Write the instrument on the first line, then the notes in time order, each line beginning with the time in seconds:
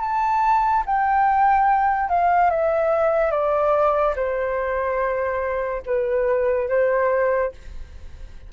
flute
0.00 A5
0.86 G5
2.09 F5
2.50 E5
3.31 D5
4.16 C5
5.86 B4
6.69 C5